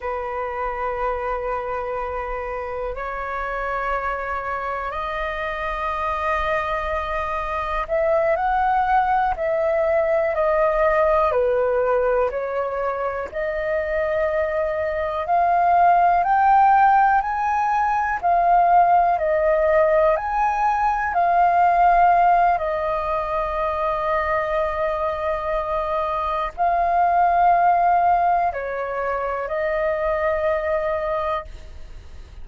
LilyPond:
\new Staff \with { instrumentName = "flute" } { \time 4/4 \tempo 4 = 61 b'2. cis''4~ | cis''4 dis''2. | e''8 fis''4 e''4 dis''4 b'8~ | b'8 cis''4 dis''2 f''8~ |
f''8 g''4 gis''4 f''4 dis''8~ | dis''8 gis''4 f''4. dis''4~ | dis''2. f''4~ | f''4 cis''4 dis''2 | }